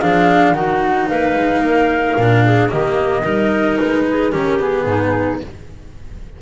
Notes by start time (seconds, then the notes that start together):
0.00 F3 D4 G#4 F5
0.53 D#3 D#4 F#4 F#5
1.08 A#3 B4 F5
1.36 G#3
1.61 A#3 A#4
2.17 A#2 D4
2.46 G#4
2.69 D#3 A#3 G4 D#5
3.23 G3 D#4 A#4
3.79 G#3 B4
4.10 G#4
4.31 D#3 C#4 G4 A#4
4.60 B3 G#4
4.85 G#2 D#4